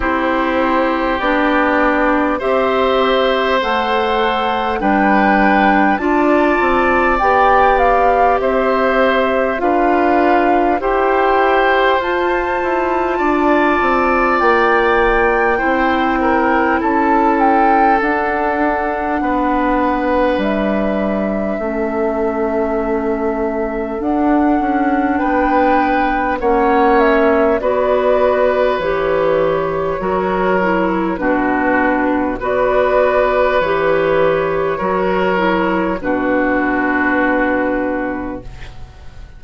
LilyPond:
<<
  \new Staff \with { instrumentName = "flute" } { \time 4/4 \tempo 4 = 50 c''4 d''4 e''4 fis''4 | g''4 a''4 g''8 f''8 e''4 | f''4 g''4 a''2 | g''2 a''8 g''8 fis''4~ |
fis''4 e''2. | fis''4 g''4 fis''8 e''8 d''4 | cis''2 b'4 d''4 | cis''2 b'2 | }
  \new Staff \with { instrumentName = "oboe" } { \time 4/4 g'2 c''2 | b'4 d''2 c''4 | b'4 c''2 d''4~ | d''4 c''8 ais'8 a'2 |
b'2 a'2~ | a'4 b'4 cis''4 b'4~ | b'4 ais'4 fis'4 b'4~ | b'4 ais'4 fis'2 | }
  \new Staff \with { instrumentName = "clarinet" } { \time 4/4 e'4 d'4 g'4 a'4 | d'4 f'4 g'2 | f'4 g'4 f'2~ | f'4 e'2 d'4~ |
d'2 cis'2 | d'2 cis'4 fis'4 | g'4 fis'8 e'8 d'4 fis'4 | g'4 fis'8 e'8 d'2 | }
  \new Staff \with { instrumentName = "bassoon" } { \time 4/4 c'4 b4 c'4 a4 | g4 d'8 c'8 b4 c'4 | d'4 e'4 f'8 e'8 d'8 c'8 | ais4 c'4 cis'4 d'4 |
b4 g4 a2 | d'8 cis'8 b4 ais4 b4 | e4 fis4 b,4 b4 | e4 fis4 b,2 | }
>>